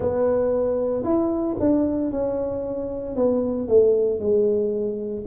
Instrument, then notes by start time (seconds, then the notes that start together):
tuba
0.00 B3
1.03 E4
1.59 D4
2.11 C#4
3.15 B3
3.67 A3
4.19 G#3